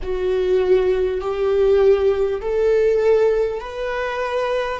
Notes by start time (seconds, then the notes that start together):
0.02 F#4
1.21 G4
2.41 A4
3.60 B4